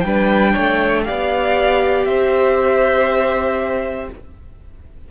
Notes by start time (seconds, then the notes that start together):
0.00 G3 D4 B4 G5
0.53 A3 C#5
1.04 B3 G4 D5 F5
2.05 C4 C5 E5